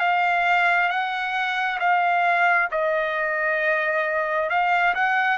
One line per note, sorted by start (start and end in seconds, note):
0.00 0.90 F5
0.90 1.79 F#5
1.80 2.69 F5
2.71 4.49 D#5
4.49 4.94 F5
4.95 5.38 F#5